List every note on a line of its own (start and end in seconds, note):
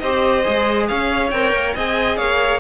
0.00 0.46 C4
0.00 0.43 G4
0.00 0.88 C5
0.00 0.86 D#5
0.43 0.91 G#3
0.43 1.30 G#4
0.88 1.32 C#4
0.88 1.75 C#5
0.88 1.31 F5
1.31 1.53 C4
1.31 1.75 A#4
1.31 1.74 G5
1.53 1.74 A#3
1.75 2.19 C4
1.75 2.60 G#4
1.75 2.18 D#5
1.75 2.17 G#5
2.17 2.60 A#3
2.17 2.60 C#5
2.17 2.60 F5